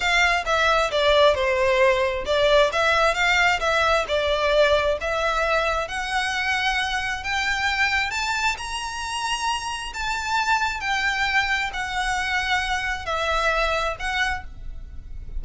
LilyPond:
\new Staff \with { instrumentName = "violin" } { \time 4/4 \tempo 4 = 133 f''4 e''4 d''4 c''4~ | c''4 d''4 e''4 f''4 | e''4 d''2 e''4~ | e''4 fis''2. |
g''2 a''4 ais''4~ | ais''2 a''2 | g''2 fis''2~ | fis''4 e''2 fis''4 | }